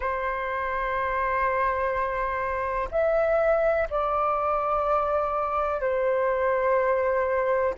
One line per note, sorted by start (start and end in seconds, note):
0.00 2.88 C5
2.91 3.88 E5
3.90 5.80 D5
5.80 7.74 C5